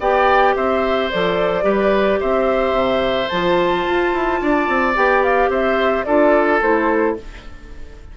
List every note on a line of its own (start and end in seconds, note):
0.00 0.55 B3
0.00 1.11 G4
0.00 0.55 D5
0.00 0.55 G5
0.56 1.12 C4
0.56 1.64 C5
0.56 1.11 E5
1.11 1.64 F3
1.11 1.62 A4
1.11 2.21 D5
1.62 2.19 G3
1.62 3.27 G4
1.62 2.19 B4
2.20 2.72 C4
2.20 4.41 C5
2.20 3.29 E5
2.72 3.27 C3
3.29 3.86 F3
3.29 4.95 F4
3.29 4.94 A5
3.86 4.14 F4
4.14 4.41 E4
4.41 4.69 D4
4.41 5.50 D5
4.69 4.96 C4
4.95 5.49 B3
4.95 6.05 G4
4.95 5.23 G5
5.23 5.51 F5
5.49 6.04 C4
5.49 6.06 C5
5.49 6.04 E5
6.04 6.62 D4
6.04 6.62 F4
6.04 7.17 A4
6.04 6.59 D5
6.62 7.17 A3
6.62 7.17 E4
6.62 7.17 C5